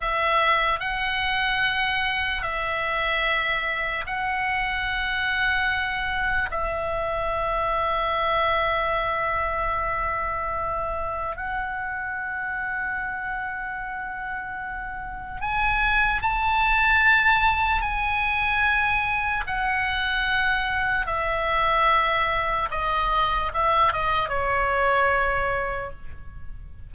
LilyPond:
\new Staff \with { instrumentName = "oboe" } { \time 4/4 \tempo 4 = 74 e''4 fis''2 e''4~ | e''4 fis''2. | e''1~ | e''2 fis''2~ |
fis''2. gis''4 | a''2 gis''2 | fis''2 e''2 | dis''4 e''8 dis''8 cis''2 | }